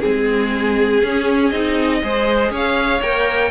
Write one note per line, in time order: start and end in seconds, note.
0.00 1.02 G#3
0.00 1.01 C4
0.00 2.00 G#4
0.00 1.50 G#4
1.02 1.51 C#4
1.02 1.52 C#4
1.50 2.01 C4
1.50 2.02 D#4
1.50 2.50 D#5
2.03 2.50 G#3
2.03 3.02 G#4
2.03 2.52 C5
2.50 3.00 C#4
2.50 3.51 C#5
2.50 3.02 F5
3.01 3.51 A#3
3.01 3.51 A#4
3.01 3.51 G5